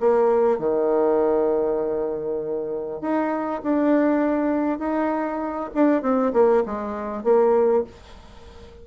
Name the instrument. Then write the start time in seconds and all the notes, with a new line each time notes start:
bassoon
0.00 A#3
0.59 D#3
3.01 D#4
3.63 D4
4.79 D#4
5.75 D4
6.02 C4
6.33 A#3
6.66 G#3
7.24 A#3